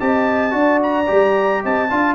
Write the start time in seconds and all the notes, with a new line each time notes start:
0.00 C4 G4 D#5 A5
0.51 D4 F#4 D5
0.83 A#5
1.07 G3 G4
1.64 C4 D#5 A5
1.91 D4 F4 F5